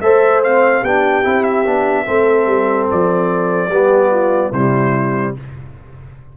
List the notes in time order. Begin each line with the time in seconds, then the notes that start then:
0.00 A3 A4 C5 E5
0.43 C4 F5
0.81 B3 D4 G4 G5
1.23 C4 E4
1.43 E5
1.65 B3 D4
2.05 A3 C4 A4
2.46 G3
2.91 F3 D5
3.69 G3 B3 G4
4.11 F4
4.51 C3 G3 E4 C5